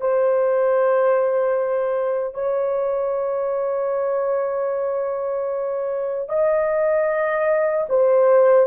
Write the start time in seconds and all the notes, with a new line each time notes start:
0.00 C5
2.34 C#5
6.28 D#5
7.89 C5